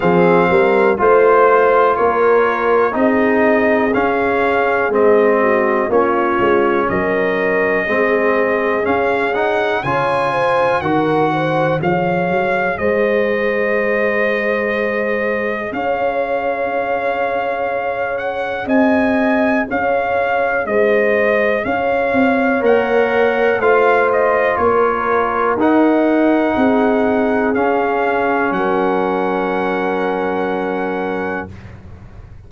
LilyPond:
<<
  \new Staff \with { instrumentName = "trumpet" } { \time 4/4 \tempo 4 = 61 f''4 c''4 cis''4 dis''4 | f''4 dis''4 cis''4 dis''4~ | dis''4 f''8 fis''8 gis''4 fis''4 | f''4 dis''2. |
f''2~ f''8 fis''8 gis''4 | f''4 dis''4 f''4 fis''4 | f''8 dis''8 cis''4 fis''2 | f''4 fis''2. | }
  \new Staff \with { instrumentName = "horn" } { \time 4/4 gis'8 ais'8 c''4 ais'4 gis'4~ | gis'4. fis'8 f'4 ais'4 | gis'2 cis''8 c''8 ais'8 c''8 | cis''4 c''2. |
cis''2. dis''4 | cis''4 c''4 cis''2 | c''4 ais'2 gis'4~ | gis'4 ais'2. | }
  \new Staff \with { instrumentName = "trombone" } { \time 4/4 c'4 f'2 dis'4 | cis'4 c'4 cis'2 | c'4 cis'8 dis'8 f'4 fis'4 | gis'1~ |
gis'1~ | gis'2. ais'4 | f'2 dis'2 | cis'1 | }
  \new Staff \with { instrumentName = "tuba" } { \time 4/4 f8 g8 a4 ais4 c'4 | cis'4 gis4 ais8 gis8 fis4 | gis4 cis'4 cis4 dis4 | f8 fis8 gis2. |
cis'2. c'4 | cis'4 gis4 cis'8 c'8 ais4 | a4 ais4 dis'4 c'4 | cis'4 fis2. | }
>>